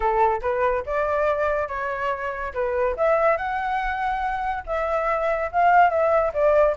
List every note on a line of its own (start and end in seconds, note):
0.00 0.41 A4
0.41 0.83 B4
0.86 1.68 D5
1.68 2.52 C#5
2.54 2.96 B4
2.96 3.37 E5
3.37 4.64 F#5
4.66 5.50 E5
5.51 5.89 F5
5.89 6.32 E5
6.33 6.75 D5